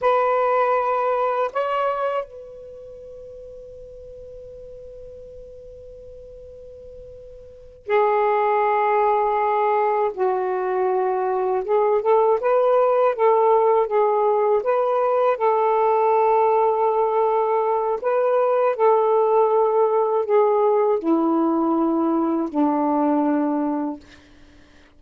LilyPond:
\new Staff \with { instrumentName = "saxophone" } { \time 4/4 \tempo 4 = 80 b'2 cis''4 b'4~ | b'1~ | b'2~ b'8 gis'4.~ | gis'4. fis'2 gis'8 |
a'8 b'4 a'4 gis'4 b'8~ | b'8 a'2.~ a'8 | b'4 a'2 gis'4 | e'2 d'2 | }